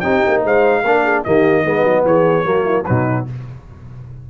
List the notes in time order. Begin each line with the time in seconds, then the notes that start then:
0.00 C4 D#4 G4 G5
0.27 A#3
0.44 G#3 C5 F5
0.82 A#3 D4 A#4
1.04 G#4
1.24 D#3 A#3 G4 D#5
1.64 G#3 B3 D#4
1.84 F#3
2.04 E3 G#4 C#5
2.44 F#3 A#3 F#4
2.65 E4
2.85 B2 F#3 D#4 B4